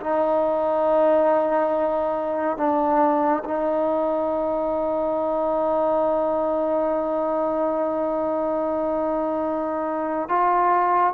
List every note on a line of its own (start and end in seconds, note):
0.00 2.57 D#4
2.57 3.43 D4
3.44 10.29 D#4
10.29 11.14 F4